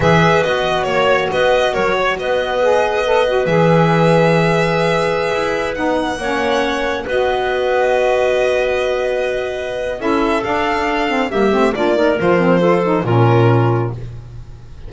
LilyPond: <<
  \new Staff \with { instrumentName = "violin" } { \time 4/4 \tempo 4 = 138 e''4 dis''4 cis''4 dis''4 | cis''4 dis''2. | e''1~ | e''4~ e''16 fis''2~ fis''8.~ |
fis''16 dis''2.~ dis''8.~ | dis''2. e''4 | f''2 e''4 d''4 | c''2 ais'2 | }
  \new Staff \with { instrumentName = "clarinet" } { \time 4/4 b'2 cis''4 b'4 | ais'8 cis''8 b'2.~ | b'1~ | b'2~ b'16 cis''4.~ cis''16~ |
cis''16 b'2.~ b'8.~ | b'2. a'4~ | a'2 g'4 f'8 ais'8~ | ais'4 a'4 f'2 | }
  \new Staff \with { instrumentName = "saxophone" } { \time 4/4 gis'4 fis'2.~ | fis'2 gis'4 a'8 fis'8 | gis'1~ | gis'4~ gis'16 dis'4 cis'4.~ cis'16~ |
cis'16 fis'2.~ fis'8.~ | fis'2. e'4 | d'4. c'8 ais8 c'8 d'8 dis'8 | f'8 c'8 f'8 dis'8 cis'2 | }
  \new Staff \with { instrumentName = "double bass" } { \time 4/4 e4 b4 ais4 b4 | fis4 b2. | e1~ | e16 e'4 b4 ais4.~ ais16~ |
ais16 b2.~ b8.~ | b2. cis'4 | d'2 g8 a8 ais4 | f2 ais,2 | }
>>